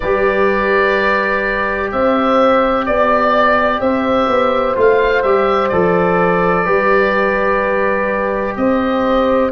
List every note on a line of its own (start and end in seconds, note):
0.00 1.92 G3
0.00 4.76 G4
0.00 1.90 B4
0.00 1.90 D5
1.91 2.87 C4
1.91 2.86 C5
1.91 2.85 E5
2.85 3.80 B3
2.85 3.80 D5
3.80 4.27 C4
3.80 6.64 C5
3.80 4.75 E5
4.28 4.76 B3
4.76 5.23 A3
4.76 5.23 F4
4.76 5.22 F5
5.22 5.71 G3
5.22 5.72 G4
5.22 5.68 E5
5.68 6.66 F3
5.68 6.65 A4
5.68 8.54 D5
6.64 8.56 G3
6.64 9.51 G4
6.64 8.55 B4
8.56 9.51 C4
8.56 9.51 C5
8.56 9.51 D#5